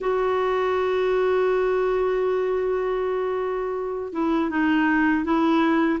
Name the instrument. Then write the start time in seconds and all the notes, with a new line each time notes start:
clarinet
0.00 F#4
4.12 E4
4.50 D#4
5.24 E4